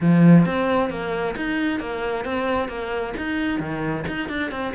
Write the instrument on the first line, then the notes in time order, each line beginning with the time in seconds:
cello
0.00 F3
0.45 C4
0.90 A#3
1.36 D#4
1.79 A#3
2.25 C4
2.68 A#3
3.17 D#4
3.59 D#3
4.07 D#4
4.29 D4
4.51 C4